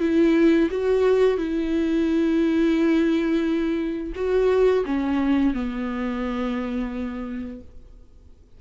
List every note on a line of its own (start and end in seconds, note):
0.00 0.69 E4
0.71 1.38 F#4
1.38 4.13 E4
4.16 4.85 F#4
4.86 5.54 C#4
5.54 7.61 B3